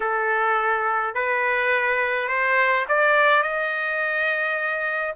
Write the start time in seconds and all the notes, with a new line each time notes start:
0.00 A4
1.14 B4
2.28 C5
2.88 D5
3.43 D#5